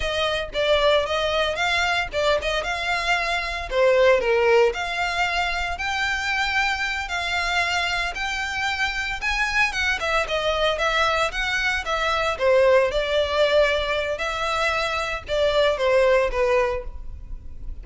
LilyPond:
\new Staff \with { instrumentName = "violin" } { \time 4/4 \tempo 4 = 114 dis''4 d''4 dis''4 f''4 | d''8 dis''8 f''2 c''4 | ais'4 f''2 g''4~ | g''4. f''2 g''8~ |
g''4. gis''4 fis''8 e''8 dis''8~ | dis''8 e''4 fis''4 e''4 c''8~ | c''8 d''2~ d''8 e''4~ | e''4 d''4 c''4 b'4 | }